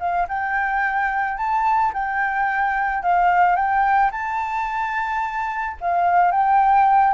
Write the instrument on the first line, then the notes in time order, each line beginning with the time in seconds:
flute
0.00 F5
0.29 G5
1.38 A5
1.94 G5
3.03 F5
3.56 G5
4.12 A5
5.81 F5
6.32 G5